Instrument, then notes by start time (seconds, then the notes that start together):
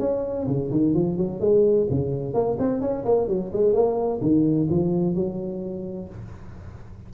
tuba
0.00 C#4
0.47 C#3
0.72 D#3
0.95 F3
1.18 F#3
1.41 G#3
1.90 C#3
2.34 A#3
2.59 C4
2.81 C#4
3.05 A#3
3.28 F#3
3.53 G#3
3.74 A#3
4.22 D#3
4.70 F3
5.15 F#3